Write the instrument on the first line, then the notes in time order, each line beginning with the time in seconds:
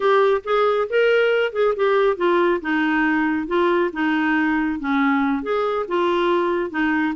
clarinet
0.00 G4
0.44 G#4
0.89 A#4
1.52 G#4
1.76 G4
2.16 F4
2.61 D#4
3.47 F4
3.92 D#4
4.79 C#4
5.42 G#4
5.88 F4
6.70 D#4